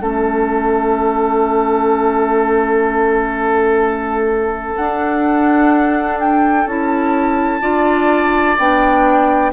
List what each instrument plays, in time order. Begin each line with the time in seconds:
0.00 bassoon A3, clarinet C#4, oboe A4, flute E5
4.76 bassoon D4, clarinet D4, flute F#5
6.20 flute G5
6.66 bassoon C#4, clarinet E4, flute A5
7.61 bassoon D4, clarinet F4, oboe D5
8.58 bassoon B3, clarinet D4, flute G5